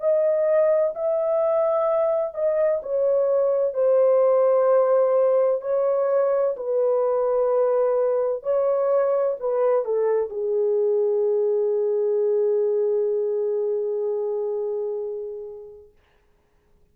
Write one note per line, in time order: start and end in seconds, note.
0.00 0.94 D#5
0.95 2.34 E5
2.34 2.81 D#5
2.83 3.74 C#5
3.74 5.62 C5
5.62 6.56 C#5
6.57 8.43 B4
8.43 9.37 C#5
9.40 9.85 B4
9.85 10.30 A4
10.30 15.92 G#4